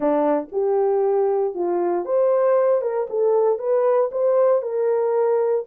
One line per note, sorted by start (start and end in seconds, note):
0.00 0.48 D4
0.52 1.54 G4
1.54 2.05 F4
2.05 2.81 C5
2.81 3.07 A#4
3.09 3.58 A4
3.58 4.10 B4
4.11 4.62 C5
4.62 5.64 A#4